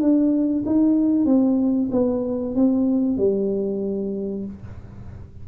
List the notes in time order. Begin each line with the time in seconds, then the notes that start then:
0.00 D4
0.66 D#4
1.25 C4
1.91 B3
2.55 C4
3.17 G3